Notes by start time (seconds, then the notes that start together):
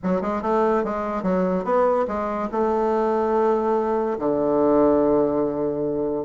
0.03 F#3
0.21 G#3
0.42 A3
0.84 G#3
1.23 F#3
1.64 B3
2.07 G#3
2.51 A3
4.19 D3